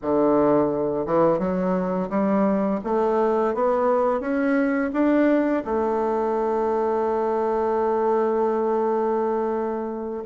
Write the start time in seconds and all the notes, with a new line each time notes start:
0.02 D3
1.06 E3
1.38 F#3
2.09 G3
2.84 A3
3.54 B3
4.20 C#4
4.93 D4
5.65 A3